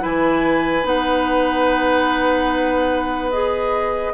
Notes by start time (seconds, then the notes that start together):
0.00 E3 E4 B4 G#5
0.84 B3 D#4 F#5
3.31 G#4 D#5